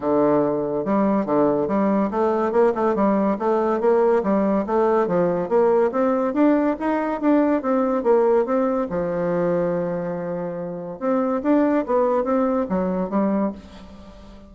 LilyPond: \new Staff \with { instrumentName = "bassoon" } { \time 4/4 \tempo 4 = 142 d2 g4 d4 | g4 a4 ais8 a8 g4 | a4 ais4 g4 a4 | f4 ais4 c'4 d'4 |
dis'4 d'4 c'4 ais4 | c'4 f2.~ | f2 c'4 d'4 | b4 c'4 fis4 g4 | }